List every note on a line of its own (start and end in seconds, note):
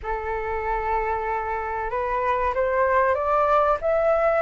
0.02 1.90 A4
1.90 2.53 B4
2.54 3.14 C5
3.14 3.77 D5
3.81 4.42 E5